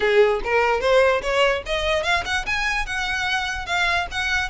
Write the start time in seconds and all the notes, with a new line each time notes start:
0.00 G#4
0.44 A#4
0.80 C5
1.22 C#5
1.66 D#5
2.03 F5
2.25 F#5
2.46 G#5
2.86 F#5
3.66 F5
4.11 F#5